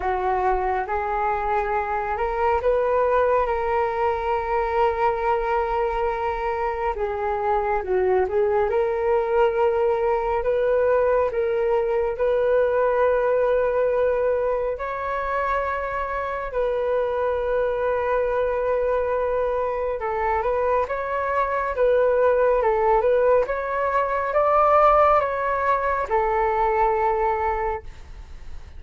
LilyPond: \new Staff \with { instrumentName = "flute" } { \time 4/4 \tempo 4 = 69 fis'4 gis'4. ais'8 b'4 | ais'1 | gis'4 fis'8 gis'8 ais'2 | b'4 ais'4 b'2~ |
b'4 cis''2 b'4~ | b'2. a'8 b'8 | cis''4 b'4 a'8 b'8 cis''4 | d''4 cis''4 a'2 | }